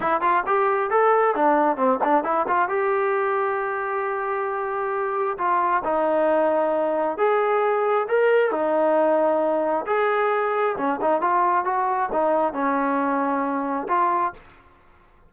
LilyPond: \new Staff \with { instrumentName = "trombone" } { \time 4/4 \tempo 4 = 134 e'8 f'8 g'4 a'4 d'4 | c'8 d'8 e'8 f'8 g'2~ | g'1 | f'4 dis'2. |
gis'2 ais'4 dis'4~ | dis'2 gis'2 | cis'8 dis'8 f'4 fis'4 dis'4 | cis'2. f'4 | }